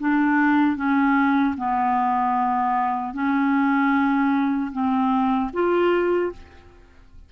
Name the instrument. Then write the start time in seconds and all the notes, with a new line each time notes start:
clarinet
0.00 D4
0.77 C#4
1.58 B3
3.14 C#4
4.73 C4
5.54 F4